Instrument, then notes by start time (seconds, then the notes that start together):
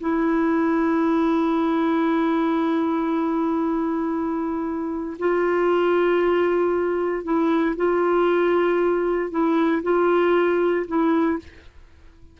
clarinet
0.00 E4
5.19 F4
7.23 E4
7.76 F4
9.30 E4
9.82 F4
10.87 E4